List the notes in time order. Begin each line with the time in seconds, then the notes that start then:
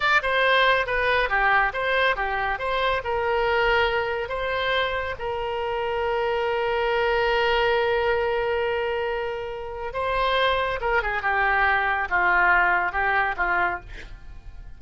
0.00 D5
0.22 C5
0.86 B4
1.29 G4
1.73 C5
2.15 G4
2.58 C5
3.04 A#4
4.29 C5
5.18 A#4
9.93 C5
10.81 A#4
11.02 G#4
11.22 G4
12.09 F4
12.92 G4
13.37 F4